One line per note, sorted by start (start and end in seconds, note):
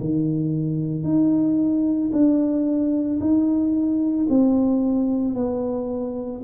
0.00 1.03 D#3
1.03 2.10 D#4
2.12 3.19 D4
3.19 4.27 D#4
4.29 5.34 C4
5.34 6.41 B3